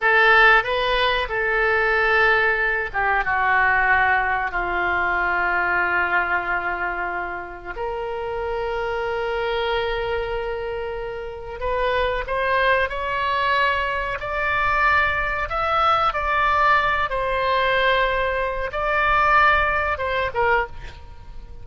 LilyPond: \new Staff \with { instrumentName = "oboe" } { \time 4/4 \tempo 4 = 93 a'4 b'4 a'2~ | a'8 g'8 fis'2 f'4~ | f'1 | ais'1~ |
ais'2 b'4 c''4 | cis''2 d''2 | e''4 d''4. c''4.~ | c''4 d''2 c''8 ais'8 | }